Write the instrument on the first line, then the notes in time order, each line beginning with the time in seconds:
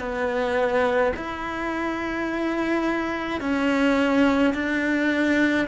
cello
0.00 B3
1.17 E4
3.41 C#4
4.54 D4